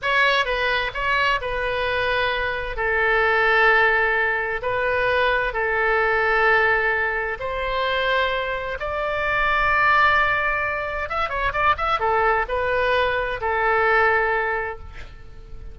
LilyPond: \new Staff \with { instrumentName = "oboe" } { \time 4/4 \tempo 4 = 130 cis''4 b'4 cis''4 b'4~ | b'2 a'2~ | a'2 b'2 | a'1 |
c''2. d''4~ | d''1 | e''8 cis''8 d''8 e''8 a'4 b'4~ | b'4 a'2. | }